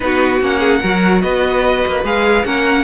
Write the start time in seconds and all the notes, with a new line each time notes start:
0.00 B3 D#4 F#4 B4
0.41 A#3 C#4 F#5
0.59 G#4
0.80 F#3 F#4 A#4
1.21 B3 B4 D#5
1.87 A#3
2.03 G#3 G#4 F5
2.44 A#3 C#4 A#4 F#5